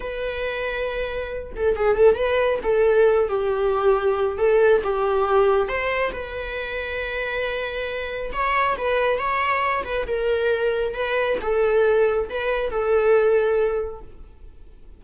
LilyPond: \new Staff \with { instrumentName = "viola" } { \time 4/4 \tempo 4 = 137 b'2.~ b'8 a'8 | gis'8 a'8 b'4 a'4. g'8~ | g'2 a'4 g'4~ | g'4 c''4 b'2~ |
b'2. cis''4 | b'4 cis''4. b'8 ais'4~ | ais'4 b'4 a'2 | b'4 a'2. | }